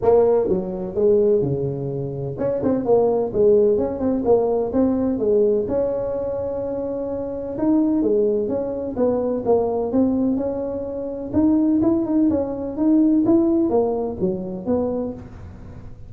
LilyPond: \new Staff \with { instrumentName = "tuba" } { \time 4/4 \tempo 4 = 127 ais4 fis4 gis4 cis4~ | cis4 cis'8 c'8 ais4 gis4 | cis'8 c'8 ais4 c'4 gis4 | cis'1 |
dis'4 gis4 cis'4 b4 | ais4 c'4 cis'2 | dis'4 e'8 dis'8 cis'4 dis'4 | e'4 ais4 fis4 b4 | }